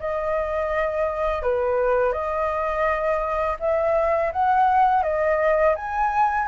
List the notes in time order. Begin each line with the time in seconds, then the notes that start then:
0.00 D#5
1.43 B4
2.13 D#5
3.60 E5
4.33 F#5
5.03 D#5
5.76 G#5